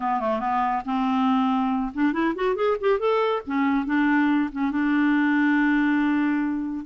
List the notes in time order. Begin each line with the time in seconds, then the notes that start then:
0.00 B3
0.20 A3
0.39 B3
0.85 C4
1.94 D4
2.12 E4
2.35 F#4
2.55 G#4
2.80 G4
2.99 A4
3.46 C#4
3.85 D4
4.52 C#4
4.71 D4